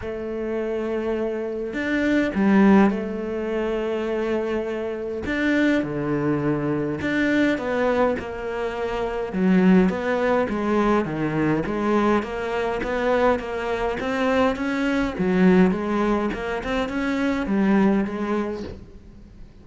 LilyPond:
\new Staff \with { instrumentName = "cello" } { \time 4/4 \tempo 4 = 103 a2. d'4 | g4 a2.~ | a4 d'4 d2 | d'4 b4 ais2 |
fis4 b4 gis4 dis4 | gis4 ais4 b4 ais4 | c'4 cis'4 fis4 gis4 | ais8 c'8 cis'4 g4 gis4 | }